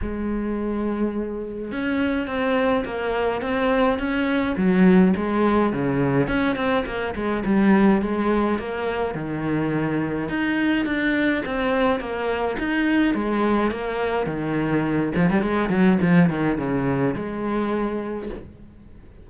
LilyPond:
\new Staff \with { instrumentName = "cello" } { \time 4/4 \tempo 4 = 105 gis2. cis'4 | c'4 ais4 c'4 cis'4 | fis4 gis4 cis4 cis'8 c'8 | ais8 gis8 g4 gis4 ais4 |
dis2 dis'4 d'4 | c'4 ais4 dis'4 gis4 | ais4 dis4. f16 g16 gis8 fis8 | f8 dis8 cis4 gis2 | }